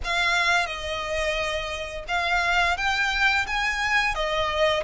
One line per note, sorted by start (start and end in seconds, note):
0.03 0.66 F5
0.66 2.04 D#5
2.08 2.77 F5
2.77 3.46 G5
3.46 4.14 G#5
4.14 4.83 D#5